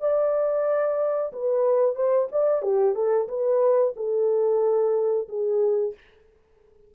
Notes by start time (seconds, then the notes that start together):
0.00 D5
1.32 B4
1.95 C5
2.32 D5
2.62 G4
2.95 A4
3.28 B4
3.96 A4
5.28 G#4